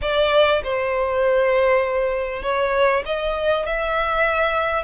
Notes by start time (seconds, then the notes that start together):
0.01 D5
0.63 C5
2.42 C#5
3.05 D#5
3.66 E5